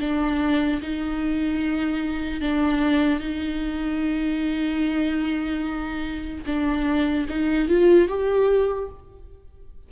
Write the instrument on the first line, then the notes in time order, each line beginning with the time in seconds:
viola
0.00 D4
0.82 D#4
2.41 D4
3.20 D#4
6.46 D4
7.29 D#4
7.69 F4
8.08 G4